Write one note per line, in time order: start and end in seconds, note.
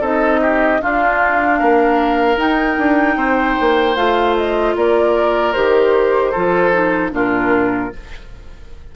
0.00 0.79 C4
0.00 0.80 D#4
0.00 0.40 A4
0.00 0.81 D#5
0.41 0.81 G4
0.80 2.36 D4
0.80 1.61 D4
0.80 1.59 F4
0.80 2.38 F5
1.59 2.37 A#3
1.59 3.16 A#4
2.36 3.94 D#4
2.36 2.76 D#4
2.36 3.96 G5
2.78 3.16 D4
3.16 3.55 C4
3.16 4.75 C5
3.60 3.96 A#3
3.96 4.75 A3
3.96 5.54 F4
3.96 4.35 F5
4.36 4.75 D#5
4.75 5.54 A#3
4.75 6.31 A#4
4.75 5.52 D5
5.52 6.34 D#3
5.52 6.33 G4
5.52 7.10 C5
6.31 7.12 F3
6.31 6.72 F4
6.31 7.10 A4
6.72 7.11 D#4
7.11 7.91 A#2
7.11 7.90 D4
7.11 7.93 F4
7.11 7.95 A#4